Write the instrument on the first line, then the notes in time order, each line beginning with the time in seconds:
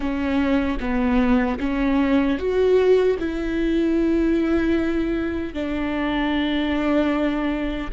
viola
0.00 C#4
0.79 B3
1.59 C#4
2.38 F#4
3.19 E4
5.53 D4